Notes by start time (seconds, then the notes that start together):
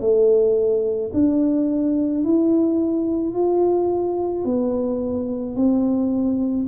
0.00 A3
1.13 D4
2.24 E4
3.34 F4
4.44 B3
5.55 C4